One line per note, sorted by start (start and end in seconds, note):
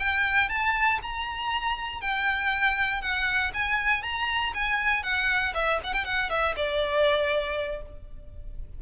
0.00 0.49 G5
0.49 1.00 A5
1.03 2.01 A#5
2.01 3.02 G5
3.02 3.52 F#5
3.54 4.03 G#5
4.03 4.54 A#5
4.54 5.04 G#5
5.04 5.54 F#5
5.55 5.80 E5
5.84 5.94 F#5
5.94 6.05 G5
6.05 6.30 F#5
6.30 6.55 E5
6.56 7.82 D5